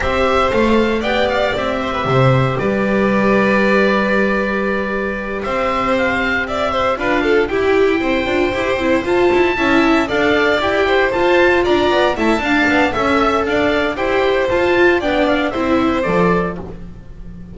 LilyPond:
<<
  \new Staff \with { instrumentName = "oboe" } { \time 4/4 \tempo 4 = 116 e''4 f''4 g''8 f''8 e''4~ | e''4 d''2.~ | d''2~ d''8 e''4 f''8~ | f''8 e''4 f''4 g''4.~ |
g''4. a''2 f''8~ | f''8 g''4 a''4 ais''4 a''8~ | a''4 e''4 f''4 g''4 | a''4 g''8 f''8 e''4 d''4 | }
  \new Staff \with { instrumentName = "violin" } { \time 4/4 c''2 d''4. c''16 b'16 | c''4 b'2.~ | b'2~ b'8 c''4.~ | c''8 d''8 c''8 b'8 a'8 g'4 c''8~ |
c''2~ c''8 e''4 d''8~ | d''4 c''4. d''4 e''8 | f''4 e''4 d''4 c''4~ | c''4 d''4 c''2 | }
  \new Staff \with { instrumentName = "viola" } { \time 4/4 g'4 a'4 g'2~ | g'1~ | g'1~ | g'4. f'4 e'4. |
f'8 g'8 e'8 f'4 e'4 a'8~ | a'8 g'4 f'2 e'8 | d'4 a'2 g'4 | f'4 d'4 e'4 a'4 | }
  \new Staff \with { instrumentName = "double bass" } { \time 4/4 c'4 a4 b4 c'4 | c4 g2.~ | g2~ g8 c'4.~ | c'4. d'4 e'4 c'8 |
d'8 e'8 c'8 f'8 e'8 cis'4 d'8~ | d'8 e'4 f'4 d'8 b8 a8 | d'8 b8 cis'4 d'4 e'4 | f'4 b4 c'4 f4 | }
>>